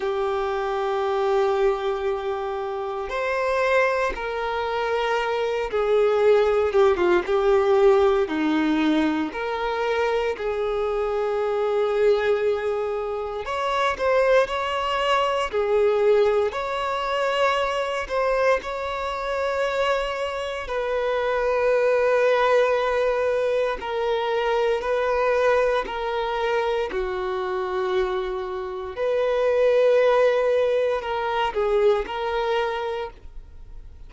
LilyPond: \new Staff \with { instrumentName = "violin" } { \time 4/4 \tempo 4 = 58 g'2. c''4 | ais'4. gis'4 g'16 f'16 g'4 | dis'4 ais'4 gis'2~ | gis'4 cis''8 c''8 cis''4 gis'4 |
cis''4. c''8 cis''2 | b'2. ais'4 | b'4 ais'4 fis'2 | b'2 ais'8 gis'8 ais'4 | }